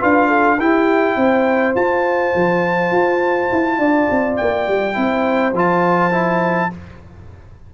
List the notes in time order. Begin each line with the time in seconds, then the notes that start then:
0.00 D4 F4 B4 F5
0.28 A4
0.60 E4 G4 G5
1.16 C4 C5
1.75 F4 A5
2.35 F3
2.92 F4
3.52 E4
3.79 D4 D5
4.11 C4
4.37 A#3 G5
4.67 G3
4.94 C4 E4 C5
5.54 F3 F4 A5
6.12 E4